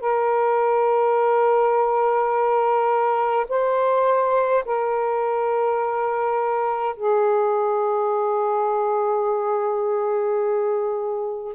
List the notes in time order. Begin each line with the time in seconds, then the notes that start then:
0.00 A#4
3.48 C5
4.65 A#4
6.96 G#4